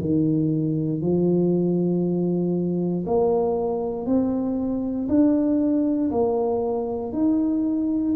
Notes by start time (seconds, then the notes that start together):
0.00 D#3
1.01 F3
3.06 A#3
4.06 C4
5.08 D4
6.11 A#3
7.12 D#4